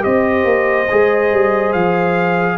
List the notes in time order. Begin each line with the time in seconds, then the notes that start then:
0.00 C4 G4 C5 D#5
0.44 A#3
0.90 G#3 G#4
1.32 G3
1.73 F3 F5